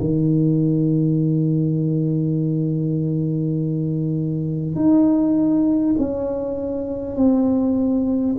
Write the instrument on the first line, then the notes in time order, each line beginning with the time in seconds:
tuba
0.00 D#3
4.75 D#4
5.98 C#4
7.16 C4